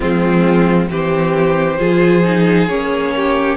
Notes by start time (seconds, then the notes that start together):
0.00 F3 G#3 C4 F4
0.89 E3 C4 G4 C5
1.78 F3 F4 G#4
2.23 D#4
2.68 A#3 C#4 C#5
3.16 G4